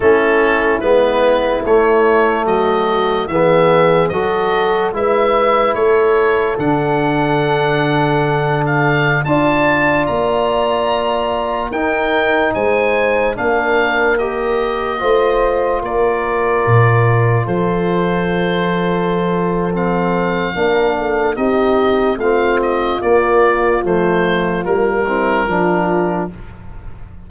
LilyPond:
<<
  \new Staff \with { instrumentName = "oboe" } { \time 4/4 \tempo 4 = 73 a'4 b'4 cis''4 dis''4 | e''4 dis''4 e''4 cis''4 | fis''2~ fis''8 f''8. a''8.~ | a''16 ais''2 g''4 gis''8.~ |
gis''16 f''4 dis''2 d''8.~ | d''4~ d''16 c''2~ c''8. | f''2 dis''4 f''8 dis''8 | d''4 c''4 ais'2 | }
  \new Staff \with { instrumentName = "horn" } { \time 4/4 e'2. fis'4 | gis'4 a'4 b'4 a'4~ | a'2.~ a'16 d''8.~ | d''2~ d''16 ais'4 c''8.~ |
c''16 ais'2 c''4 ais'8.~ | ais'4~ ais'16 a'2~ a'8.~ | a'4 ais'8 a'8 g'4 f'4~ | f'2~ f'8 e'8 f'4 | }
  \new Staff \with { instrumentName = "trombone" } { \time 4/4 cis'4 b4 a2 | b4 fis'4 e'2 | d'2.~ d'16 f'8.~ | f'2~ f'16 dis'4.~ dis'16~ |
dis'16 d'4 g'4 f'4.~ f'16~ | f'1 | c'4 d'4 dis'4 c'4 | ais4 a4 ais8 c'8 d'4 | }
  \new Staff \with { instrumentName = "tuba" } { \time 4/4 a4 gis4 a4 fis4 | e4 fis4 gis4 a4 | d2.~ d16 d'8.~ | d'16 ais2 dis'4 gis8.~ |
gis16 ais2 a4 ais8.~ | ais16 ais,4 f2~ f8.~ | f4 ais4 c'4 a4 | ais4 f4 g4 f4 | }
>>